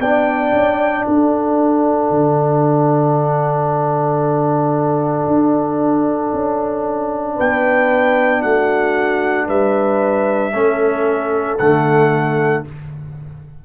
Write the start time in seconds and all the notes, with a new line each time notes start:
0.00 B3 D4 D5 G5
0.53 C#4
1.06 D4 A4 F#5
2.11 D3
5.27 D4
6.34 C#4
7.35 B3 B4 G5
8.42 A3 F#4 F#5
9.47 G3 B4 E5
10.54 A3 C#4 A4
11.59 D3 A3 F#5